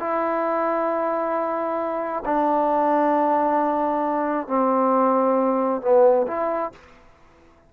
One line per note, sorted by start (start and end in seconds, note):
0.00 2.24 E4
2.26 4.48 D4
4.48 5.82 C4
5.82 6.27 B3
6.28 6.72 E4